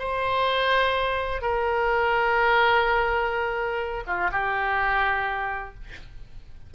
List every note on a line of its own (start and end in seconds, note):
0.00 1.42 C5
1.42 4.04 A#4
4.07 4.31 F4
4.32 5.75 G4